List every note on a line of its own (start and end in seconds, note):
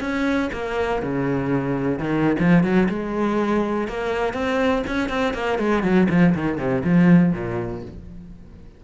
0.00 0.50 C#4
0.52 1.02 A#3
1.02 1.99 C#3
1.99 2.36 D#3
2.39 2.63 F3
2.63 2.88 F#3
2.89 3.88 G#3
3.88 4.33 A#3
4.33 4.83 C4
4.87 5.08 C#4
5.08 5.33 C4
5.34 5.58 A#3
5.58 5.83 G#3
5.83 6.07 F#3
6.09 6.34 F3
6.34 6.57 D#3
6.57 6.82 C3
6.84 7.33 F3
7.33 7.82 A#2